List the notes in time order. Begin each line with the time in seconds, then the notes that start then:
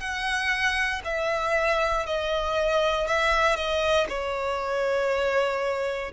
0.00 F#5
1.04 E5
2.06 D#5
3.07 E5
3.56 D#5
4.09 C#5